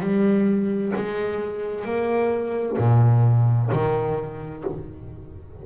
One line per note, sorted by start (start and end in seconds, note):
0.00 0.92 G3
0.95 1.84 G#3
1.84 2.77 A#3
2.77 3.70 A#2
3.72 4.64 D#3